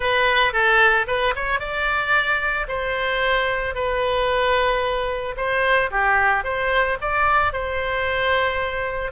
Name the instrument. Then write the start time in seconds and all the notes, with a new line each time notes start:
oboe
0.00 B4
0.52 A4
1.07 B4
1.35 C#5
1.59 D5
2.68 C5
3.74 B4
5.36 C5
5.91 G4
6.44 C5
7.01 D5
7.52 C5